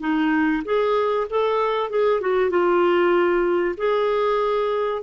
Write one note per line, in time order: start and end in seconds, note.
0.00 0.62 D#4
0.64 1.27 G#4
1.30 1.90 A4
1.90 2.21 G#4
2.21 2.50 F#4
2.50 3.75 F4
3.77 5.02 G#4